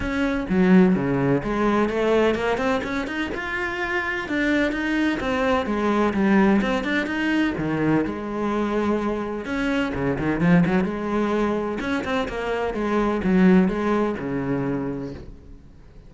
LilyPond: \new Staff \with { instrumentName = "cello" } { \time 4/4 \tempo 4 = 127 cis'4 fis4 cis4 gis4 | a4 ais8 c'8 cis'8 dis'8 f'4~ | f'4 d'4 dis'4 c'4 | gis4 g4 c'8 d'8 dis'4 |
dis4 gis2. | cis'4 cis8 dis8 f8 fis8 gis4~ | gis4 cis'8 c'8 ais4 gis4 | fis4 gis4 cis2 | }